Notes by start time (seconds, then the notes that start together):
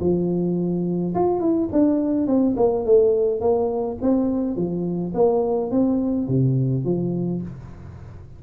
0.00 F3
1.14 F4
1.40 E4
1.72 D4
2.27 C4
2.57 A#3
2.85 A3
3.40 A#3
4.02 C4
4.56 F3
5.14 A#3
5.71 C4
6.28 C3
6.84 F3